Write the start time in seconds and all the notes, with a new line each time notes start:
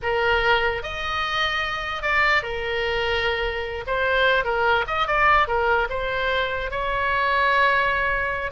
0.02 A#4
0.82 D#5
2.02 D5
2.42 A#4
3.86 C5
4.44 A#4
4.87 D#5
5.07 D5
5.47 A#4
5.89 C5
6.70 C#5